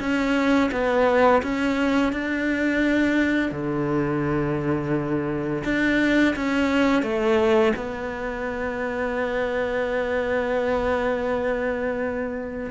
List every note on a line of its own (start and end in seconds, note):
0.00 0.71 C#4
0.72 1.42 B3
1.43 2.13 C#4
2.13 3.52 D4
3.52 5.64 D3
5.65 6.35 D4
6.36 7.03 C#4
7.03 7.74 A3
7.76 12.71 B3